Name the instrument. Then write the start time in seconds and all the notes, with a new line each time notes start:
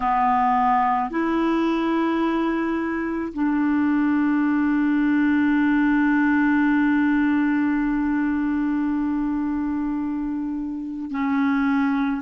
clarinet
0.00 B3
1.10 E4
3.33 D4
11.11 C#4